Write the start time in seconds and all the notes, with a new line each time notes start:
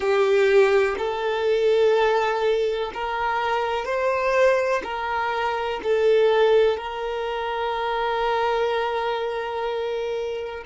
0.00 G4
0.98 A4
2.93 A#4
3.84 C5
4.83 A#4
5.83 A4
6.77 A#4